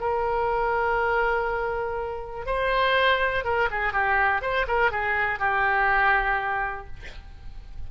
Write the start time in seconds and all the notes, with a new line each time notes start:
0.00 A#4
2.46 C5
3.44 A#4
3.71 G#4
3.93 G4
4.42 C5
4.67 A#4
4.91 G#4
5.39 G4